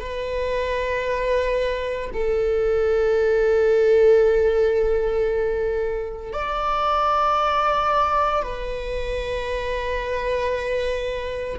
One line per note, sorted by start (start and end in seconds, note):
0.00 2.11 B4
2.14 6.33 A4
6.33 8.43 D5
8.43 11.58 B4